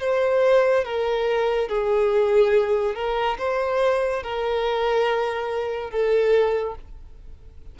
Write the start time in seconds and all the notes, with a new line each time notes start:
0.00 C5
0.85 A#4
1.69 G#4
2.95 A#4
3.38 C5
4.23 A#4
5.91 A4